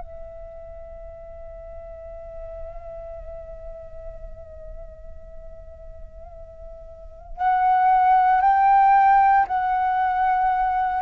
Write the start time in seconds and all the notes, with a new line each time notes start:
0.00 E5
7.37 F#5
8.41 G5
9.48 F#5